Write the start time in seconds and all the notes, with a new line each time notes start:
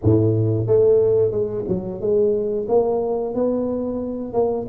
0.03 A2
0.67 A3
1.31 G#3
1.68 F#3
2.00 G#3
2.68 A#3
3.34 B3
4.33 A#3